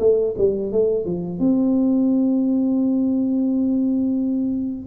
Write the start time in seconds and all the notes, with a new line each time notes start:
0.00 A3
0.38 G3
0.72 A3
1.05 F3
1.40 C4